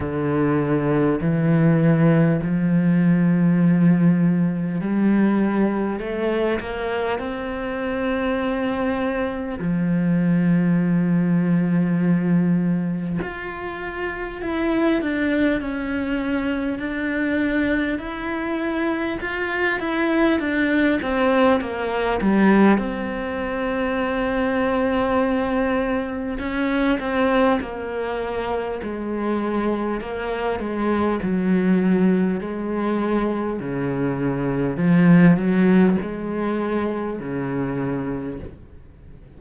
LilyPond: \new Staff \with { instrumentName = "cello" } { \time 4/4 \tempo 4 = 50 d4 e4 f2 | g4 a8 ais8 c'2 | f2. f'4 | e'8 d'8 cis'4 d'4 e'4 |
f'8 e'8 d'8 c'8 ais8 g8 c'4~ | c'2 cis'8 c'8 ais4 | gis4 ais8 gis8 fis4 gis4 | cis4 f8 fis8 gis4 cis4 | }